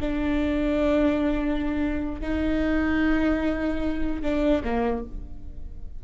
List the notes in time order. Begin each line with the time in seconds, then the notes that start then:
0.00 D4
2.21 D#4
4.22 D4
4.64 A#3